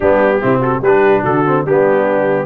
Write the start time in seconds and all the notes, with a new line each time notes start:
0.00 G3 B3 D4 G4
0.40 C3 C4 E4
0.60 F#4 A4
0.80 G3 G4 B4
0.86 D4
1.22 D3 F#4 A4
1.46 C4
1.64 G3 B3 D4 G4